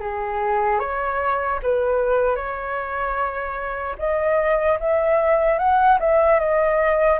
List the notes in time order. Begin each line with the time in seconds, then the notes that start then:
0.00 G#4
0.79 C#5
1.63 B4
2.36 C#5
3.99 D#5
4.80 E5
5.59 F#5
6.00 E5
6.39 D#5